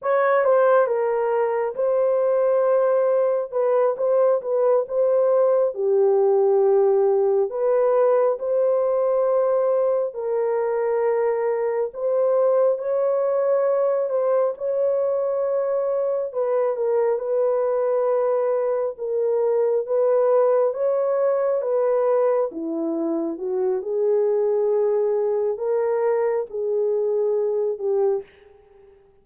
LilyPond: \new Staff \with { instrumentName = "horn" } { \time 4/4 \tempo 4 = 68 cis''8 c''8 ais'4 c''2 | b'8 c''8 b'8 c''4 g'4.~ | g'8 b'4 c''2 ais'8~ | ais'4. c''4 cis''4. |
c''8 cis''2 b'8 ais'8 b'8~ | b'4. ais'4 b'4 cis''8~ | cis''8 b'4 e'4 fis'8 gis'4~ | gis'4 ais'4 gis'4. g'8 | }